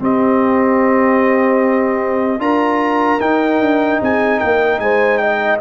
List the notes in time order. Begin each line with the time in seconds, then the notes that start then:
0.00 C4 G4 D#5
2.39 D4 F4 A#4 A#5
3.20 D#4 G5
3.60 D4
4.02 C4 G#4 G#5
4.40 A#3 A#4 G5
4.79 G#3 C5 G#5
5.18 D#5 G5